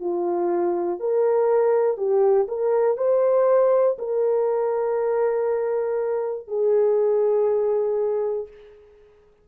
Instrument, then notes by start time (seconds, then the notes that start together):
horn
0.00 F4
1.00 A#4
1.98 G4
2.49 A#4
2.97 C5
3.99 A#4
6.48 G#4